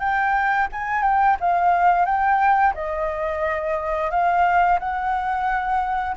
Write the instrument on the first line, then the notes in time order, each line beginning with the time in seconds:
flute
0.00 G5
0.73 G#5
1.03 G5
1.41 F5
2.06 G5
2.75 D#5
4.11 F5
4.80 F#5